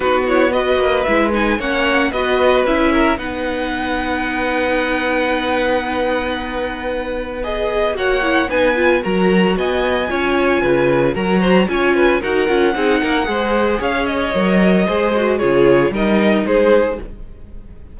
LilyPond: <<
  \new Staff \with { instrumentName = "violin" } { \time 4/4 \tempo 4 = 113 b'8 cis''8 dis''4 e''8 gis''8 fis''4 | dis''4 e''4 fis''2~ | fis''1~ | fis''2 dis''4 fis''4 |
gis''4 ais''4 gis''2~ | gis''4 ais''4 gis''4 fis''4~ | fis''2 f''8 dis''4.~ | dis''4 cis''4 dis''4 c''4 | }
  \new Staff \with { instrumentName = "violin" } { \time 4/4 fis'4 b'2 cis''4 | b'4. ais'8 b'2~ | b'1~ | b'2. cis''4 |
b'4 ais'4 dis''4 cis''4 | b'4 ais'8 c''8 cis''8 b'8 ais'4 | gis'8 ais'8 c''4 cis''2 | c''4 gis'4 ais'4 gis'4 | }
  \new Staff \with { instrumentName = "viola" } { \time 4/4 dis'8 e'8 fis'4 e'8 dis'8 cis'4 | fis'4 e'4 dis'2~ | dis'1~ | dis'2 gis'4 fis'8 e'8 |
dis'8 f'8 fis'2 f'4~ | f'4 fis'4 f'4 fis'8 f'8 | dis'4 gis'2 ais'4 | gis'8 fis'8 f'4 dis'2 | }
  \new Staff \with { instrumentName = "cello" } { \time 4/4 b4. ais8 gis4 ais4 | b4 cis'4 b2~ | b1~ | b2. ais4 |
b4 fis4 b4 cis'4 | cis4 fis4 cis'4 dis'8 cis'8 | c'8 ais8 gis4 cis'4 fis4 | gis4 cis4 g4 gis4 | }
>>